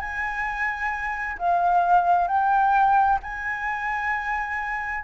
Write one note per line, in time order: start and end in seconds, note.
0.00 1.37 G#5
1.38 2.28 F5
2.28 3.19 G5
3.23 5.04 G#5